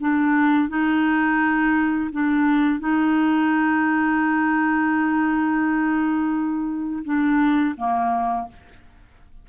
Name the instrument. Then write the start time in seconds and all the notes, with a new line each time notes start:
clarinet
0.00 D4
0.69 D#4
2.12 D4
2.80 D#4
7.05 D4
7.77 A#3